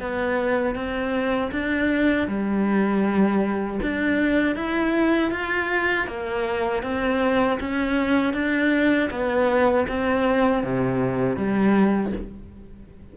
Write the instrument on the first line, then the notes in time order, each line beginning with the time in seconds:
cello
0.00 B3
0.75 C4
1.52 D4
2.28 G3
3.82 D4
4.55 E4
5.31 F4
6.07 A#3
6.83 C4
7.60 C#4
8.34 D4
9.11 B3
9.88 C4
10.64 C3
11.36 G3